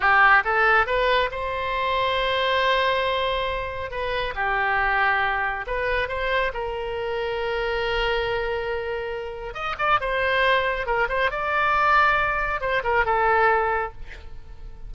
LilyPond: \new Staff \with { instrumentName = "oboe" } { \time 4/4 \tempo 4 = 138 g'4 a'4 b'4 c''4~ | c''1~ | c''4 b'4 g'2~ | g'4 b'4 c''4 ais'4~ |
ais'1~ | ais'2 dis''8 d''8 c''4~ | c''4 ais'8 c''8 d''2~ | d''4 c''8 ais'8 a'2 | }